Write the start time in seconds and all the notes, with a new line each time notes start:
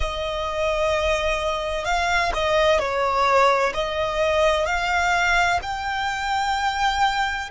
0.00 D#5
1.85 F5
2.34 D#5
2.79 C#5
3.73 D#5
4.66 F5
5.62 G5